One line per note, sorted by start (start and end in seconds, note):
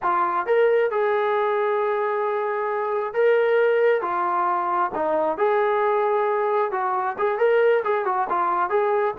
0.02 0.46 F4
0.46 0.90 A#4
0.90 3.13 G#4
3.13 4.01 A#4
4.01 4.91 F4
4.95 5.37 D#4
5.37 6.71 G#4
6.71 7.16 F#4
7.18 7.38 G#4
7.38 7.83 A#4
7.84 8.05 G#4
8.05 8.27 F#4
8.29 8.69 F4
8.69 9.14 G#4